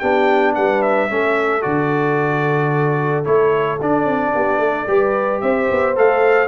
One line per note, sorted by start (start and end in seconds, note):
0.00 0.57 B3
0.00 1.10 D4
0.00 0.55 G4
0.00 0.54 G5
0.55 1.11 G3
0.55 1.11 B4
0.55 0.82 F#5
0.82 1.62 E5
1.10 1.65 A3
1.10 1.62 C#4
1.10 4.35 A4
1.62 3.26 D3
1.62 3.24 F#4
1.62 3.25 D5
3.25 3.80 A3
3.25 3.79 E4
3.25 3.79 C#5
3.81 4.05 D4
3.81 4.88 D4
3.81 5.41 D5
4.05 4.32 C4
4.35 4.59 B3
4.35 4.61 G4
4.59 4.86 A3
4.59 4.88 A4
4.88 5.42 G3
4.88 5.95 G4
4.88 5.42 B4
5.41 5.70 C4
5.41 6.48 C5
5.41 5.95 E5
5.71 5.98 B3
5.95 6.48 A3
5.95 6.48 A4
5.95 6.48 F5